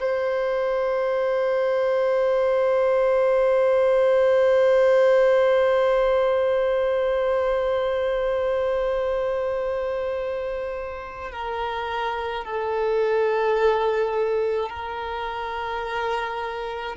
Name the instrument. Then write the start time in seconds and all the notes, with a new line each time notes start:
violin
0.00 C5
11.32 A#4
12.45 A4
14.70 A#4